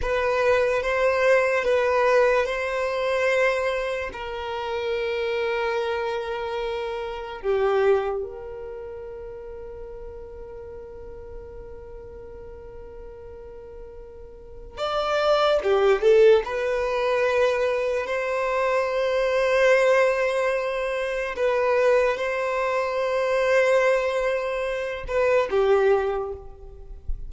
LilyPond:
\new Staff \with { instrumentName = "violin" } { \time 4/4 \tempo 4 = 73 b'4 c''4 b'4 c''4~ | c''4 ais'2.~ | ais'4 g'4 ais'2~ | ais'1~ |
ais'2 d''4 g'8 a'8 | b'2 c''2~ | c''2 b'4 c''4~ | c''2~ c''8 b'8 g'4 | }